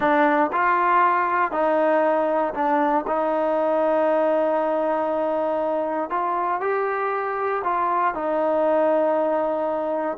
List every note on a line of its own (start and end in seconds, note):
0.00 0.50 D4
0.52 1.51 F4
1.51 2.53 D#4
2.54 3.04 D4
3.07 6.09 D#4
6.09 6.60 F4
6.60 7.62 G4
7.64 8.14 F4
8.14 10.17 D#4